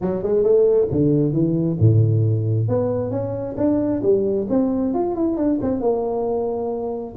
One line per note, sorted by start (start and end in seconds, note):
0.01 0.22 F#3
0.22 0.43 G#3
0.43 0.88 A3
0.91 1.32 D3
1.32 1.77 E3
1.79 2.68 A2
2.68 3.10 B3
3.10 3.55 C#4
3.57 4.02 D4
4.02 4.47 G3
4.49 4.94 C4
4.94 5.15 F4
5.15 5.36 E4
5.36 5.59 D4
5.61 5.80 C4
5.80 7.14 A#3